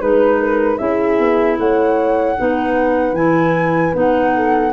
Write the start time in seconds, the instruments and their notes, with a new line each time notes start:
0.00 tuba G#3, clarinet D#4, horn B4, flute B4
0.40 horn A#4
0.78 tuba C#4, clarinet E4, horn G#4, flute E5
1.19 tuba B3
1.59 tuba A3, horn C#5, flute F#5
2.38 tuba B3, clarinet D#4, horn B4
3.13 tuba E3, clarinet E4, flute G#5
3.93 tuba B3, clarinet D#4, flute F#5
4.35 horn A4